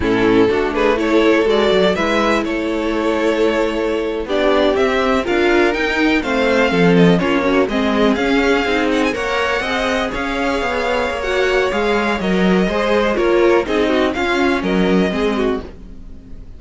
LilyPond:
<<
  \new Staff \with { instrumentName = "violin" } { \time 4/4 \tempo 4 = 123 a'4. b'8 cis''4 d''4 | e''4 cis''2.~ | cis''8. d''4 e''4 f''4 g''16~ | g''8. f''4. dis''8 cis''4 dis''16~ |
dis''8. f''4. fis''16 gis''16 fis''4~ fis''16~ | fis''8. f''2~ f''16 fis''4 | f''4 dis''2 cis''4 | dis''4 f''4 dis''2 | }
  \new Staff \with { instrumentName = "violin" } { \time 4/4 e'4 fis'8 gis'8 a'2 | b'4 a'2.~ | a'8. g'2 ais'4~ ais'16~ | ais'8. c''4 a'4 f'8 cis'8 gis'16~ |
gis'2~ gis'8. cis''4 dis''16~ | dis''8. cis''2.~ cis''16~ | cis''2 c''4 ais'4 | gis'8 fis'8 f'4 ais'4 gis'8 fis'8 | }
  \new Staff \with { instrumentName = "viola" } { \time 4/4 cis'4 d'4 e'4 fis'4 | e'1~ | e'8. d'4 c'4 f'4 dis'16~ | dis'8. c'2 cis'8 fis'8 c'16~ |
c'8. cis'4 dis'4 ais'4 gis'16~ | gis'2. fis'4 | gis'4 ais'4 gis'4 f'4 | dis'4 cis'2 c'4 | }
  \new Staff \with { instrumentName = "cello" } { \time 4/4 a,4 a2 gis8 fis8 | gis4 a2.~ | a8. b4 c'4 d'4 dis'16~ | dis'8. a4 f4 ais4 gis16~ |
gis8. cis'4 c'4 ais4 c'16~ | c'8. cis'4 b4 ais4~ ais16 | gis4 fis4 gis4 ais4 | c'4 cis'4 fis4 gis4 | }
>>